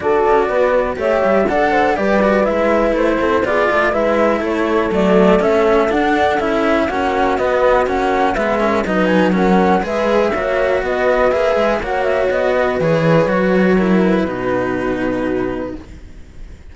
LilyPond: <<
  \new Staff \with { instrumentName = "flute" } { \time 4/4 \tempo 4 = 122 d''2 e''4 fis''4 | d''4 e''4 c''4 d''4 | e''4 cis''4 d''4 e''4 | fis''4 e''4 fis''4 dis''4 |
fis''4 e''4 dis''8 gis''8 fis''4 | e''2 dis''4 e''4 | fis''8 e''8 dis''4 cis''2~ | cis''8 b'2.~ b'8 | }
  \new Staff \with { instrumentName = "horn" } { \time 4/4 a'4 b'4 cis''4 d''8 c''8 | b'2~ b'8 a'8 gis'8 a'8 | b'4 a'2.~ | a'2 fis'2~ |
fis'4 b'8 ais'8 b'4 ais'4 | b'4 cis''4 b'2 | cis''4. b'2~ b'8 | ais'4 fis'2. | }
  \new Staff \with { instrumentName = "cello" } { \time 4/4 fis'2 g'4 a'4 | g'8 fis'8 e'2 f'4 | e'2 a4 cis'4 | d'4 e'4 cis'4 b4 |
cis'4 b8 cis'8 dis'4 cis'4 | gis'4 fis'2 gis'4 | fis'2 gis'4 fis'4 | e'4 dis'2. | }
  \new Staff \with { instrumentName = "cello" } { \time 4/4 d'8 cis'8 b4 a8 g8 d'4 | g4 gis4 a8 c'8 b8 a8 | gis4 a4 fis4 a4 | d'4 cis'4 ais4 b4 |
ais4 gis4 fis2 | gis4 ais4 b4 ais8 gis8 | ais4 b4 e4 fis4~ | fis4 b,2. | }
>>